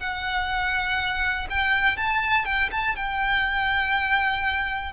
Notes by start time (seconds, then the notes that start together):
0.00 F#5
1.50 G5
1.97 A5
2.45 G5
2.72 A5
2.96 G5